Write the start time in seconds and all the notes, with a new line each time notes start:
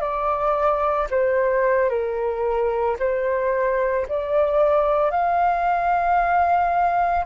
0.00 D5
1.10 C5
1.89 A#4
2.99 C5
4.08 D5
5.10 F5